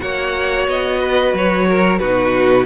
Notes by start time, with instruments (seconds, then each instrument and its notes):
0.00 cello A#3, viola F#4, violin C#5 F#5
0.67 cello B3, violin D#5
1.00 violin B4
1.33 cello F#3, violin C#5
1.69 violin A#4
1.99 cello B2, viola D#4, violin F#4 B4